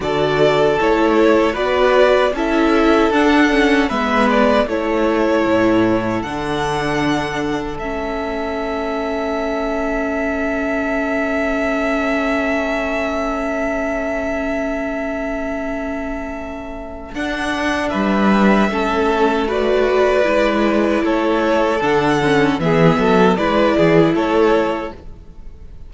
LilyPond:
<<
  \new Staff \with { instrumentName = "violin" } { \time 4/4 \tempo 4 = 77 d''4 cis''4 d''4 e''4 | fis''4 e''8 d''8 cis''2 | fis''2 e''2~ | e''1~ |
e''1~ | e''2 fis''4 e''4~ | e''4 d''2 cis''4 | fis''4 e''4 d''4 cis''4 | }
  \new Staff \with { instrumentName = "violin" } { \time 4/4 a'2 b'4 a'4~ | a'4 b'4 a'2~ | a'1~ | a'1~ |
a'1~ | a'2. b'4 | a'4 b'2 a'4~ | a'4 gis'8 a'8 b'8 gis'8 a'4 | }
  \new Staff \with { instrumentName = "viola" } { \time 4/4 fis'4 e'4 fis'4 e'4 | d'8 cis'8 b4 e'2 | d'2 cis'2~ | cis'1~ |
cis'1~ | cis'2 d'2 | cis'4 fis'4 e'2 | d'8 cis'8 b4 e'2 | }
  \new Staff \with { instrumentName = "cello" } { \time 4/4 d4 a4 b4 cis'4 | d'4 gis4 a4 a,4 | d2 a2~ | a1~ |
a1~ | a2 d'4 g4 | a2 gis4 a4 | d4 e8 fis8 gis8 e8 a4 | }
>>